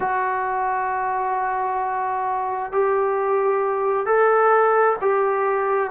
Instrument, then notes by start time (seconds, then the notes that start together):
trombone
0.00 F#4
2.72 G4
4.06 A4
5.01 G4